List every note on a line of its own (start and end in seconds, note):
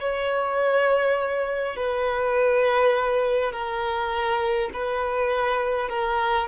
0.00 1.76 C#5
1.76 3.52 B4
3.52 4.70 A#4
4.73 5.89 B4
5.89 6.48 A#4